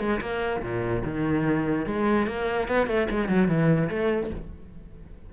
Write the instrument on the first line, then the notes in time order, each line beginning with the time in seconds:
cello
0.00 G#3
0.21 A#3
0.62 A#2
1.05 D#3
1.86 G#3
2.27 A#3
2.68 B3
2.87 A3
3.11 G#3
3.29 F#3
3.48 E3
3.89 A3